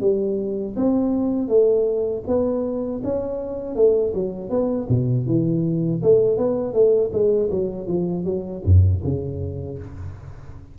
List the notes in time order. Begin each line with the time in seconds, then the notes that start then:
0.00 G3
0.76 C4
1.48 A3
2.26 B3
3.03 C#4
3.75 A3
4.14 F#3
4.49 B3
4.89 B2
5.26 E3
6.02 A3
6.37 B3
6.73 A3
7.12 G#3
7.50 F#3
7.87 F3
8.24 F#3
8.64 F#2
9.03 C#3